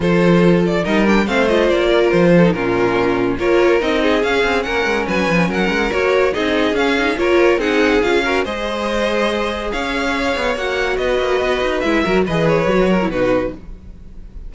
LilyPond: <<
  \new Staff \with { instrumentName = "violin" } { \time 4/4 \tempo 4 = 142 c''4. d''8 dis''8 g''8 f''8 dis''8 | d''4 c''4 ais'2 | cis''4 dis''4 f''4 fis''4 | gis''4 fis''4 cis''4 dis''4 |
f''4 cis''4 fis''4 f''4 | dis''2. f''4~ | f''4 fis''4 dis''2 | e''4 dis''8 cis''4. b'4 | }
  \new Staff \with { instrumentName = "violin" } { \time 4/4 a'2 ais'4 c''4~ | c''8 ais'4 a'8 f'2 | ais'4. gis'4. ais'4 | b'4 ais'2 gis'4~ |
gis'4 ais'4 gis'4. ais'8 | c''2. cis''4~ | cis''2 b'2~ | b'8 ais'8 b'4. ais'8 fis'4 | }
  \new Staff \with { instrumentName = "viola" } { \time 4/4 f'2 dis'8 d'8 c'8 f'8~ | f'4.~ f'16 dis'16 cis'2 | f'4 dis'4 cis'2~ | cis'2 fis'4 dis'4 |
cis'8 dis'8 f'4 dis'4 f'8 fis'8 | gis'1~ | gis'4 fis'2. | e'8 fis'8 gis'4 fis'8. e'16 dis'4 | }
  \new Staff \with { instrumentName = "cello" } { \time 4/4 f2 g4 a4 | ais4 f4 ais,2 | ais4 c'4 cis'8 c'8 ais8 gis8 | fis8 f8 fis8 gis8 ais4 c'4 |
cis'4 ais4 c'4 cis'4 | gis2. cis'4~ | cis'8 b8 ais4 b8 ais8 b8 dis'8 | gis8 fis8 e4 fis4 b,4 | }
>>